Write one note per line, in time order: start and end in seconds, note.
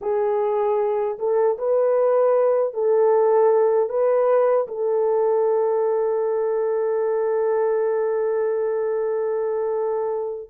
0.01 1.18 G#4
1.18 1.57 A4
1.58 2.73 B4
2.73 3.89 A4
3.89 4.67 B4
4.67 10.50 A4